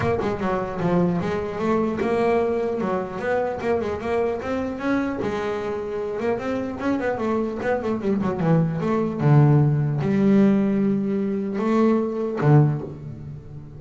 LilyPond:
\new Staff \with { instrumentName = "double bass" } { \time 4/4 \tempo 4 = 150 ais8 gis8 fis4 f4 gis4 | a4 ais2 fis4 | b4 ais8 gis8 ais4 c'4 | cis'4 gis2~ gis8 ais8 |
c'4 cis'8 b8 a4 b8 a8 | g8 fis8 e4 a4 d4~ | d4 g2.~ | g4 a2 d4 | }